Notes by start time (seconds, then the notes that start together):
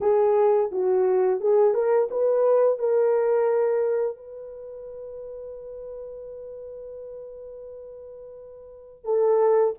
0.00 G#4
0.71 F#4
1.40 G#4
1.73 A#4
2.10 B4
2.78 A#4
4.17 B4
9.04 A4